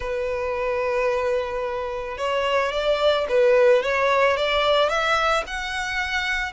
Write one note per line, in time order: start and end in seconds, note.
0.00 2.17 B4
2.17 2.72 C#5
2.72 3.26 D5
3.28 3.82 B4
3.82 4.37 C#5
4.37 4.89 D5
4.89 5.43 E5
5.46 6.52 F#5